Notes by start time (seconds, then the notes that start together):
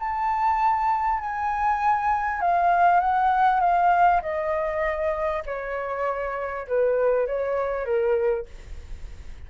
0.00 A5
1.20 G#5
2.41 F5
3.00 F#5
3.61 F5
4.22 D#5
5.46 C#5
6.68 B4
7.27 C#5
7.85 A#4